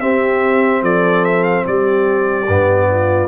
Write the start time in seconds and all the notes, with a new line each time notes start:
0.00 C4 G4 E5
0.82 F3 A4 D5
1.25 E5
1.44 F5
1.66 G3 G4 D5
2.48 G2 B3
2.90 F4